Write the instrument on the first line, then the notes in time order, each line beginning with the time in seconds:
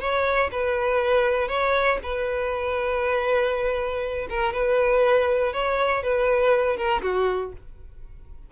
violin
0.00 C#5
0.51 B4
1.48 C#5
2.03 B4
4.29 A#4
4.52 B4
5.53 C#5
6.03 B4
6.77 A#4
7.02 F#4